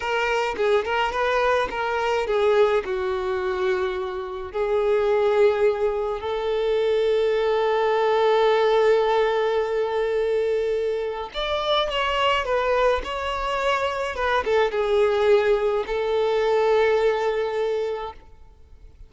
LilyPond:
\new Staff \with { instrumentName = "violin" } { \time 4/4 \tempo 4 = 106 ais'4 gis'8 ais'8 b'4 ais'4 | gis'4 fis'2. | gis'2. a'4~ | a'1~ |
a'1 | d''4 cis''4 b'4 cis''4~ | cis''4 b'8 a'8 gis'2 | a'1 | }